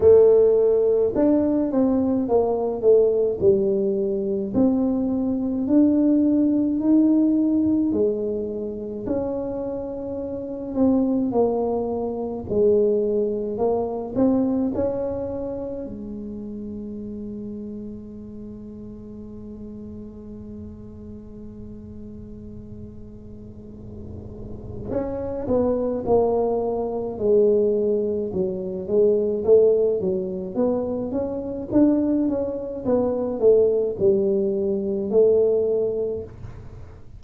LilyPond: \new Staff \with { instrumentName = "tuba" } { \time 4/4 \tempo 4 = 53 a4 d'8 c'8 ais8 a8 g4 | c'4 d'4 dis'4 gis4 | cis'4. c'8 ais4 gis4 | ais8 c'8 cis'4 gis2~ |
gis1~ | gis2 cis'8 b8 ais4 | gis4 fis8 gis8 a8 fis8 b8 cis'8 | d'8 cis'8 b8 a8 g4 a4 | }